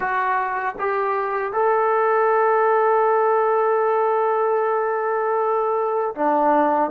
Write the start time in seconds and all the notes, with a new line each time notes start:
0.00 F#4
0.79 G4
1.52 A4
6.14 D4